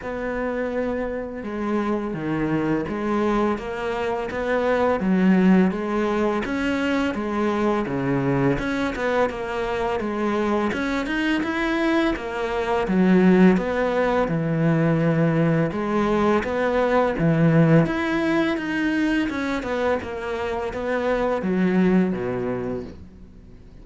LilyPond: \new Staff \with { instrumentName = "cello" } { \time 4/4 \tempo 4 = 84 b2 gis4 dis4 | gis4 ais4 b4 fis4 | gis4 cis'4 gis4 cis4 | cis'8 b8 ais4 gis4 cis'8 dis'8 |
e'4 ais4 fis4 b4 | e2 gis4 b4 | e4 e'4 dis'4 cis'8 b8 | ais4 b4 fis4 b,4 | }